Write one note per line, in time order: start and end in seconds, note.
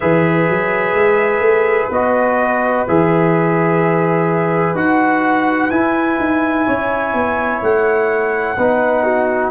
0.00 0.49 E3
0.00 1.91 G#4
0.00 6.66 B4
0.00 1.89 E5
0.49 0.93 F#3
0.93 1.39 G#3
1.39 1.87 A3
1.90 2.85 B3
1.90 2.87 F#4
1.90 2.87 D#5
2.87 4.74 E3
2.87 4.75 G#4
2.87 4.76 E5
4.74 5.70 D#4
4.74 5.70 F#4
4.74 5.70 F#5
5.70 6.18 E4
5.70 8.57 E4
5.70 7.61 G#5
6.19 6.66 D#4
6.66 7.13 C#4
6.66 8.56 C#5
7.13 7.61 B3
7.62 8.57 A3
7.62 9.50 F#5
8.57 9.50 B3
8.57 9.50 D#4
8.57 9.03 B4
9.03 9.50 F#4